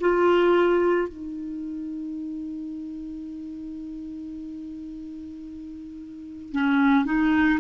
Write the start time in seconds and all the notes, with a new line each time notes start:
0.00 F4
1.08 D#4
6.52 C#4
7.05 D#4